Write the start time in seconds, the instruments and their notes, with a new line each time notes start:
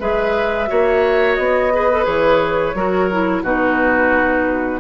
0.00 bassoon G#3, clarinet G#4, oboe B4, flute E5
0.68 bassoon A#3, clarinet F#4, oboe C#5
1.36 bassoon B3, flute D#5
1.73 clarinet G#4, oboe B4
1.92 clarinet A4
2.04 bassoon E3, clarinet G#4, flute C#5
2.75 bassoon F#3, clarinet F#4, oboe A#4
3.11 clarinet E4
3.43 bassoon B2, clarinet D#4, oboe F#4, flute B4